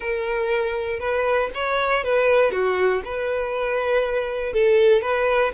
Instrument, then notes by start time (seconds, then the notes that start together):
violin
0.00 A#4
0.99 B4
1.54 C#5
2.04 B4
2.51 F#4
3.04 B4
4.53 A4
5.01 B4